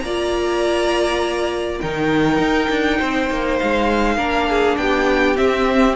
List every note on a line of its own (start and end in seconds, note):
0.00 1.80 A#3
0.00 1.83 F4
0.00 1.82 D5
0.00 1.78 A#5
1.81 2.39 D#3
1.81 4.19 D#4
1.81 2.99 A#4
1.81 3.59 G5
2.39 2.69 D#4
2.70 3.00 D4
2.99 3.30 C4
2.99 4.17 C5
3.30 3.60 A#3
3.59 4.18 G#3
3.59 4.78 F5
4.17 4.77 A#3
4.17 5.36 D4
4.17 4.46 A#4
4.49 4.79 G#4
4.78 5.37 B3
4.78 5.97 G4
4.78 5.37 G5
5.36 5.95 C4
5.36 5.97 C4
5.36 5.96 E5